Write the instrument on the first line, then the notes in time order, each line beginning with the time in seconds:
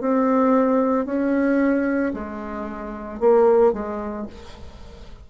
bassoon
0.00 C4
1.05 C#4
2.13 G#3
3.19 A#3
3.72 G#3